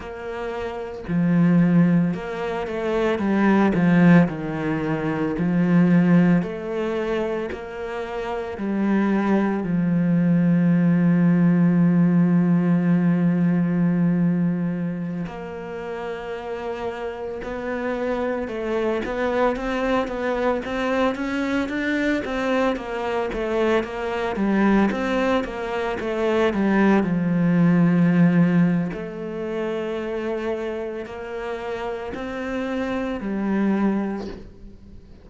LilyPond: \new Staff \with { instrumentName = "cello" } { \time 4/4 \tempo 4 = 56 ais4 f4 ais8 a8 g8 f8 | dis4 f4 a4 ais4 | g4 f2.~ | f2~ f16 ais4.~ ais16~ |
ais16 b4 a8 b8 c'8 b8 c'8 cis'16~ | cis'16 d'8 c'8 ais8 a8 ais8 g8 c'8 ais16~ | ais16 a8 g8 f4.~ f16 a4~ | a4 ais4 c'4 g4 | }